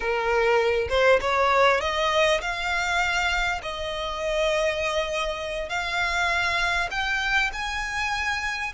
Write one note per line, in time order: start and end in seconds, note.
0.00 0.88 A#4
0.89 1.19 C5
1.20 1.80 C#5
1.80 2.40 D#5
2.41 3.61 F5
3.62 5.69 D#5
5.69 6.89 F5
6.91 7.51 G5
7.52 8.72 G#5